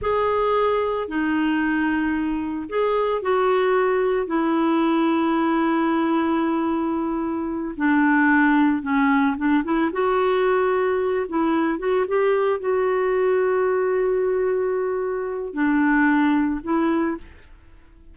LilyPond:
\new Staff \with { instrumentName = "clarinet" } { \time 4/4 \tempo 4 = 112 gis'2 dis'2~ | dis'4 gis'4 fis'2 | e'1~ | e'2~ e'8 d'4.~ |
d'8 cis'4 d'8 e'8 fis'4.~ | fis'4 e'4 fis'8 g'4 fis'8~ | fis'1~ | fis'4 d'2 e'4 | }